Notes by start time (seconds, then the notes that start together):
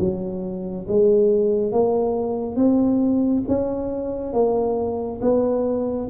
0.00 F#3
0.89 G#3
1.73 A#3
2.57 C4
3.48 C#4
4.34 A#3
5.22 B3